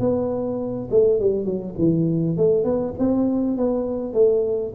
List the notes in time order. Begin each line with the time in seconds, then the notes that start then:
0.00 B3
0.91 A3
1.20 G3
1.45 F#3
1.79 E3
2.38 A3
2.65 B3
2.99 C4
3.58 B3
4.14 A3